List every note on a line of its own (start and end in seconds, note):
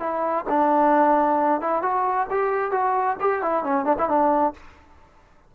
0.00 0.45 E4
0.49 1.61 D4
1.61 1.82 E4
1.82 2.27 F#4
2.30 2.71 G4
2.71 3.16 F#4
3.20 3.42 G4
3.42 3.64 E4
3.64 3.85 C#4
3.85 3.96 D4
3.98 4.08 E4
4.08 4.54 D4